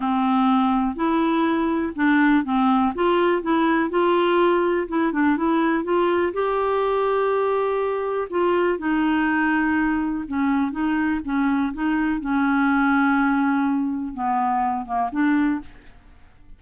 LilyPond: \new Staff \with { instrumentName = "clarinet" } { \time 4/4 \tempo 4 = 123 c'2 e'2 | d'4 c'4 f'4 e'4 | f'2 e'8 d'8 e'4 | f'4 g'2.~ |
g'4 f'4 dis'2~ | dis'4 cis'4 dis'4 cis'4 | dis'4 cis'2.~ | cis'4 b4. ais8 d'4 | }